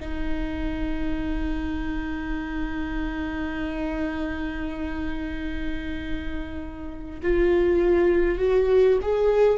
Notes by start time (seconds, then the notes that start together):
0.00 D#4
7.22 F4
8.39 F#4
9.02 G#4